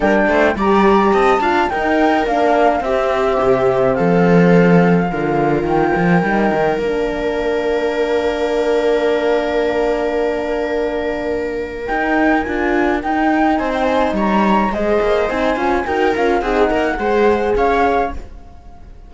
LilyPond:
<<
  \new Staff \with { instrumentName = "flute" } { \time 4/4 \tempo 4 = 106 g''4 ais''4 a''4 g''4 | f''4 e''2 f''4~ | f''2 g''2 | f''1~ |
f''1~ | f''4 g''4 gis''4 g''4 | gis''16 g''16 gis''8 ais''4 dis''4 gis''4 | g''8 f''8 fis''2 f''4 | }
  \new Staff \with { instrumentName = "viola" } { \time 4/4 ais'8 c''8 d''4 dis''8 f''8 ais'4~ | ais'4 g'2 a'4~ | a'4 ais'2.~ | ais'1~ |
ais'1~ | ais'1 | c''4 cis''4 c''2 | ais'4 gis'8 ais'8 c''4 cis''4 | }
  \new Staff \with { instrumentName = "horn" } { \time 4/4 d'4 g'4. f'8 dis'4 | d'4 c'2.~ | c'4 f'2 dis'4 | d'1~ |
d'1~ | d'4 dis'4 f'4 dis'4~ | dis'2 gis'4 dis'8 f'8 | fis'8 f'8 dis'4 gis'2 | }
  \new Staff \with { instrumentName = "cello" } { \time 4/4 g8 a8 g4 c'8 d'8 dis'4 | ais4 c'4 c4 f4~ | f4 d4 dis8 f8 g8 dis8 | ais1~ |
ais1~ | ais4 dis'4 d'4 dis'4 | c'4 g4 gis8 ais8 c'8 cis'8 | dis'8 cis'8 c'8 ais8 gis4 cis'4 | }
>>